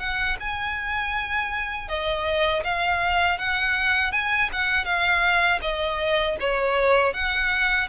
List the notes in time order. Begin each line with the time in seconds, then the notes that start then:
0.00 F#5
0.41 G#5
1.89 D#5
2.65 F5
3.39 F#5
4.12 G#5
4.53 F#5
4.85 F5
5.62 D#5
6.41 C#5
7.14 F#5